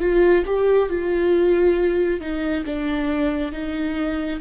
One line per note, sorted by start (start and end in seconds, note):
0.00 0.44 F4
0.46 0.89 G4
0.89 2.20 F4
2.20 2.64 D#4
2.65 3.52 D4
3.52 4.40 D#4